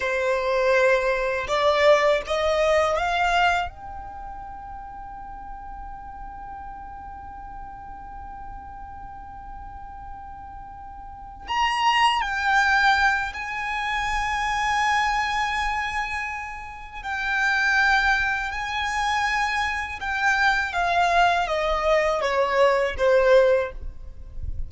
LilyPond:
\new Staff \with { instrumentName = "violin" } { \time 4/4 \tempo 4 = 81 c''2 d''4 dis''4 | f''4 g''2.~ | g''1~ | g''2.~ g''8 ais''8~ |
ais''8 g''4. gis''2~ | gis''2. g''4~ | g''4 gis''2 g''4 | f''4 dis''4 cis''4 c''4 | }